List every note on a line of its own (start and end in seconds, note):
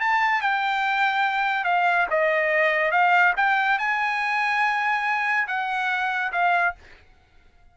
0.00 0.41 A5
0.41 1.64 G5
1.64 2.06 F5
2.10 2.91 D#5
2.91 3.33 F5
3.36 3.78 G5
3.78 5.47 G#5
5.47 6.31 F#5
6.32 6.74 F5